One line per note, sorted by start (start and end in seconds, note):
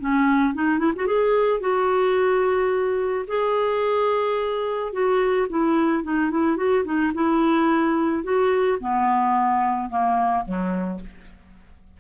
0.00 0.55 C#4
0.55 0.79 D#4
0.79 0.93 E4
0.96 1.07 F#4
1.07 1.60 G#4
1.60 3.26 F#4
3.28 4.93 G#4
4.93 5.48 F#4
5.50 6.04 E4
6.04 6.31 D#4
6.31 6.57 E4
6.57 6.85 F#4
6.85 7.12 D#4
7.14 8.24 E4
8.24 8.79 F#4
8.80 9.90 B3
9.90 10.45 A#3
10.46 11.01 F#3